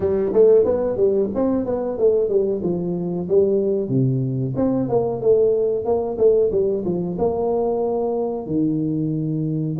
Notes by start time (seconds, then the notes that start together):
0.00 G3
0.33 A3
0.64 B3
0.96 G3
1.35 C4
1.65 B3
1.97 A3
2.29 G3
2.62 F3
3.28 G3
3.88 C3
4.56 C4
4.88 A#3
5.21 A3
5.84 A#3
6.18 A3
6.51 G3
6.85 F3
7.18 A#3
8.46 D#3